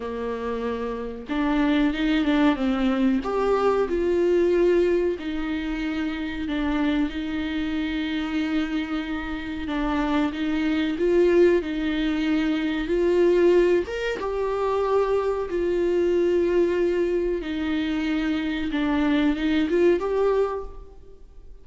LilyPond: \new Staff \with { instrumentName = "viola" } { \time 4/4 \tempo 4 = 93 ais2 d'4 dis'8 d'8 | c'4 g'4 f'2 | dis'2 d'4 dis'4~ | dis'2. d'4 |
dis'4 f'4 dis'2 | f'4. ais'8 g'2 | f'2. dis'4~ | dis'4 d'4 dis'8 f'8 g'4 | }